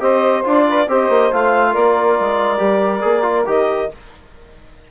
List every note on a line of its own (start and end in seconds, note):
0.00 0.44 C4
0.00 0.44 G4
0.00 0.67 C5
0.00 0.43 D#5
0.44 0.88 D4
0.44 0.88 F4
0.44 0.91 D5
0.69 0.89 B4
0.88 1.09 C4
0.88 1.32 G4
0.88 1.72 C5
0.88 1.33 D#5
1.09 1.31 A#3
1.32 1.76 A3
1.32 2.58 F4
1.32 1.74 F5
1.72 2.19 A#3
1.72 3.88 A#4
1.72 3.47 D5
2.20 2.60 G#3
2.58 3.03 G3
2.58 3.01 G4
3.01 3.47 A#3
3.01 3.23 G#4
3.23 3.45 F4
3.47 3.90 D#3
3.47 3.90 G4
3.47 3.92 D#5